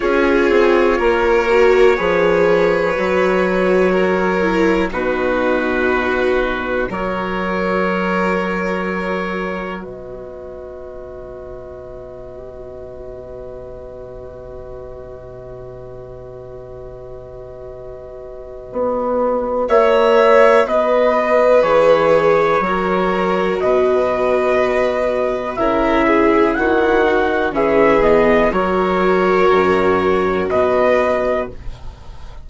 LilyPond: <<
  \new Staff \with { instrumentName = "trumpet" } { \time 4/4 \tempo 4 = 61 cis''1~ | cis''4 b'2 cis''4~ | cis''2 dis''2~ | dis''1~ |
dis''1 | e''4 dis''4 cis''2 | dis''2 e''4 fis''4 | e''8 dis''8 cis''2 dis''4 | }
  \new Staff \with { instrumentName = "violin" } { \time 4/4 gis'4 ais'4 b'2 | ais'4 fis'2 ais'4~ | ais'2 b'2~ | b'1~ |
b'1 | cis''4 b'2 ais'4 | b'2 ais'8 gis'8 fis'4 | gis'4 ais'2 b'4 | }
  \new Staff \with { instrumentName = "viola" } { \time 4/4 f'4. fis'8 gis'4 fis'4~ | fis'8 e'8 dis'2 fis'4~ | fis'1~ | fis'1~ |
fis'1~ | fis'2 gis'4 fis'4~ | fis'2 e'4. dis'8 | cis'8 b8 fis'2. | }
  \new Staff \with { instrumentName = "bassoon" } { \time 4/4 cis'8 c'8 ais4 f4 fis4~ | fis4 b,2 fis4~ | fis2 b,2~ | b,1~ |
b,2. b4 | ais4 b4 e4 fis4 | b,2 cis4 dis4 | e4 fis4 fis,4 b,4 | }
>>